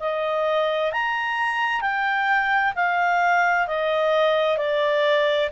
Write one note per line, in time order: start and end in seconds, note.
0.00 0.92 D#5
0.93 1.81 A#5
1.81 2.74 G5
2.76 3.68 F5
3.68 4.58 D#5
4.58 5.50 D5